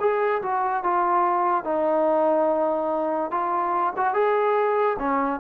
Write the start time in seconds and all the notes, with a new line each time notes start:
0.00 G#4
0.42 F#4
0.83 F4
1.64 D#4
3.31 F4
3.97 F#4
4.14 G#4
4.99 C#4